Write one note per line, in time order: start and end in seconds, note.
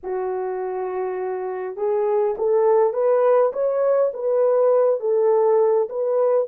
0.03 1.76 F#4
1.76 2.35 G#4
2.37 2.93 A4
2.93 3.52 B4
3.52 4.11 C#5
4.13 5.00 B4
5.00 5.88 A4
5.89 6.47 B4